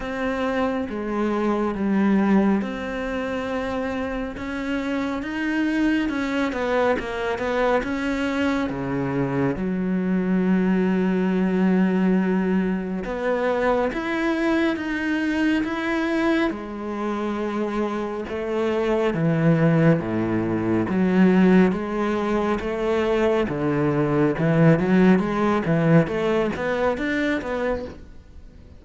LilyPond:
\new Staff \with { instrumentName = "cello" } { \time 4/4 \tempo 4 = 69 c'4 gis4 g4 c'4~ | c'4 cis'4 dis'4 cis'8 b8 | ais8 b8 cis'4 cis4 fis4~ | fis2. b4 |
e'4 dis'4 e'4 gis4~ | gis4 a4 e4 a,4 | fis4 gis4 a4 d4 | e8 fis8 gis8 e8 a8 b8 d'8 b8 | }